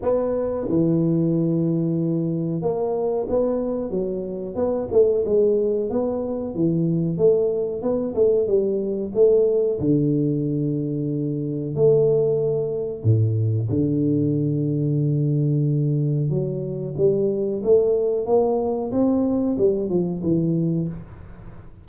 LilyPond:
\new Staff \with { instrumentName = "tuba" } { \time 4/4 \tempo 4 = 92 b4 e2. | ais4 b4 fis4 b8 a8 | gis4 b4 e4 a4 | b8 a8 g4 a4 d4~ |
d2 a2 | a,4 d2.~ | d4 fis4 g4 a4 | ais4 c'4 g8 f8 e4 | }